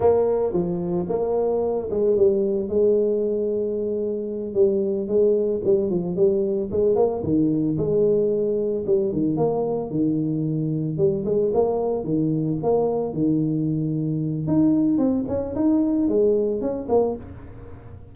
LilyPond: \new Staff \with { instrumentName = "tuba" } { \time 4/4 \tempo 4 = 112 ais4 f4 ais4. gis8 | g4 gis2.~ | gis8 g4 gis4 g8 f8 g8~ | g8 gis8 ais8 dis4 gis4.~ |
gis8 g8 dis8 ais4 dis4.~ | dis8 g8 gis8 ais4 dis4 ais8~ | ais8 dis2~ dis8 dis'4 | c'8 cis'8 dis'4 gis4 cis'8 ais8 | }